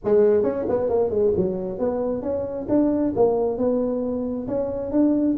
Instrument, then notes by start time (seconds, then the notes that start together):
tuba
0.04 G#3
0.43 C#4
0.68 B3
0.89 A#3
1.10 G#3
1.36 F#3
1.78 B3
2.22 C#4
2.68 D4
3.15 A#3
3.57 B3
4.47 C#4
4.91 D4